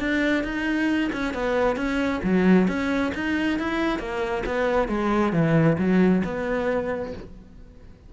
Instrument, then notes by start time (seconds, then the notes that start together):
cello
0.00 D4
0.44 D#4
1.13 C#4
1.34 B3
1.76 C#4
2.23 F#3
2.68 C#4
3.15 D#4
3.59 E4
3.99 A#3
4.46 B3
4.88 G#3
5.33 E3
5.78 F#3
6.24 B3